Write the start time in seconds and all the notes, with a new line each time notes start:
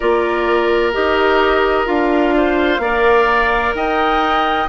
0.00 A#3 F4 A#4 D5
0.93 D#4 G4 D#5
1.85 D4 F4 F5
2.37 C5
2.79 A#3 A#4 D5
3.74 D#4 D#5 G5